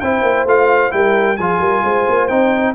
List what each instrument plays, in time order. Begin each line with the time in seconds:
0.00 tuba C4, trombone E4, horn C5, trumpet G5
0.22 tuba A#3
0.45 tuba A3, trombone F4, trumpet F5
0.91 tuba G3, trombone E4, horn A#4, trumpet G5
1.37 tuba F3, trombone F4, horn G#4, trumpet G#5
1.59 tuba G3, horn A#4
1.84 tuba G#3, horn C5
2.09 tuba A#3
2.28 tuba C4, trombone D#4, trumpet G5